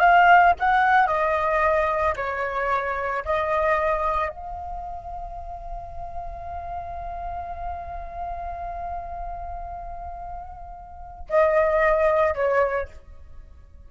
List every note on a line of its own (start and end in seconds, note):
0.00 0.54 F5
0.59 1.07 F#5
1.07 2.14 D#5
2.16 3.24 C#5
3.25 4.30 D#5
4.30 11.26 F5
11.29 12.35 D#5
12.35 12.88 C#5